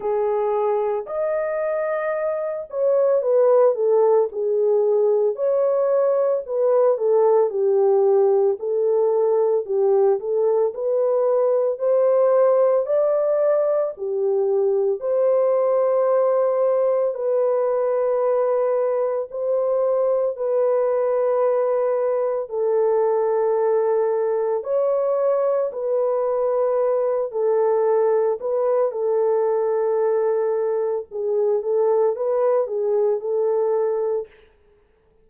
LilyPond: \new Staff \with { instrumentName = "horn" } { \time 4/4 \tempo 4 = 56 gis'4 dis''4. cis''8 b'8 a'8 | gis'4 cis''4 b'8 a'8 g'4 | a'4 g'8 a'8 b'4 c''4 | d''4 g'4 c''2 |
b'2 c''4 b'4~ | b'4 a'2 cis''4 | b'4. a'4 b'8 a'4~ | a'4 gis'8 a'8 b'8 gis'8 a'4 | }